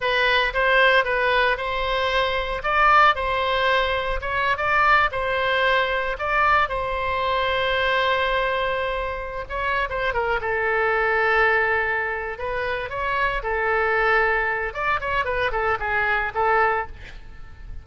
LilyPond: \new Staff \with { instrumentName = "oboe" } { \time 4/4 \tempo 4 = 114 b'4 c''4 b'4 c''4~ | c''4 d''4 c''2 | cis''8. d''4 c''2 d''16~ | d''8. c''2.~ c''16~ |
c''2 cis''8. c''8 ais'8 a'16~ | a'2.~ a'8 b'8~ | b'8 cis''4 a'2~ a'8 | d''8 cis''8 b'8 a'8 gis'4 a'4 | }